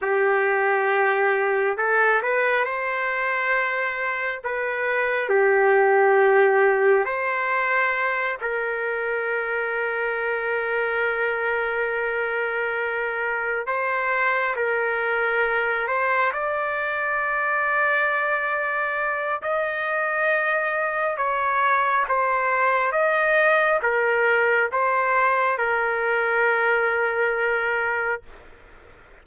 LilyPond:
\new Staff \with { instrumentName = "trumpet" } { \time 4/4 \tempo 4 = 68 g'2 a'8 b'8 c''4~ | c''4 b'4 g'2 | c''4. ais'2~ ais'8~ | ais'2.~ ais'8 c''8~ |
c''8 ais'4. c''8 d''4.~ | d''2 dis''2 | cis''4 c''4 dis''4 ais'4 | c''4 ais'2. | }